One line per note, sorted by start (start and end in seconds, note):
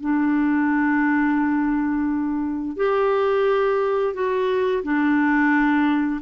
0.00 2.76 D4
2.76 4.13 G4
4.13 4.82 F#4
4.83 6.21 D4